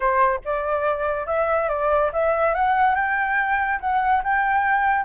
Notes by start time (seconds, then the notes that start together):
0.00 C5
0.44 D5
1.26 E5
1.68 D5
2.12 E5
2.54 F#5
2.95 G5
3.80 F#5
4.23 G5